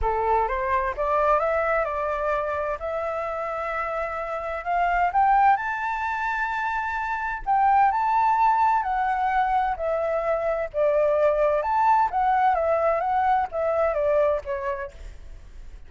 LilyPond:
\new Staff \with { instrumentName = "flute" } { \time 4/4 \tempo 4 = 129 a'4 c''4 d''4 e''4 | d''2 e''2~ | e''2 f''4 g''4 | a''1 |
g''4 a''2 fis''4~ | fis''4 e''2 d''4~ | d''4 a''4 fis''4 e''4 | fis''4 e''4 d''4 cis''4 | }